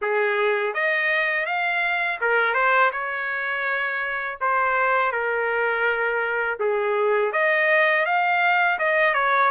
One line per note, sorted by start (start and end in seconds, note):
0.01 0.74 G#4
0.74 1.46 D#5
1.46 2.19 F5
2.21 2.54 A#4
2.54 2.90 C5
2.92 4.38 C#5
4.41 5.12 C5
5.12 6.58 A#4
6.59 7.32 G#4
7.32 8.05 D#5
8.05 8.78 F5
8.78 9.14 D#5
9.14 9.50 C#5